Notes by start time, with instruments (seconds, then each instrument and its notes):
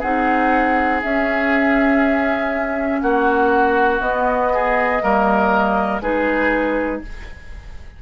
0.00 bassoon C4, clarinet D#4, oboe G#4, flute F#5
1.02 clarinet C#4, bassoon C#4, flute E5
3.01 bassoon A#3, oboe F#4, flute F#5
4.01 bassoon B3, clarinet B3, flute D#5
4.53 oboe G#4
5.01 bassoon G3, clarinet A#3, oboe A#4
6.01 bassoon G#3, clarinet D#4, oboe G#4, flute B4